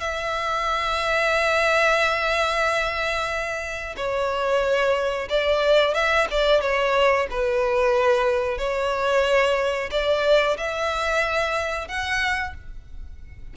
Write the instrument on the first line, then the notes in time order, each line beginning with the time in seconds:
violin
0.00 E5
3.97 C#5
5.29 D5
5.94 E5
6.31 D5
6.61 C#5
7.30 B4
8.58 C#5
9.91 D5
10.57 E5
11.88 F#5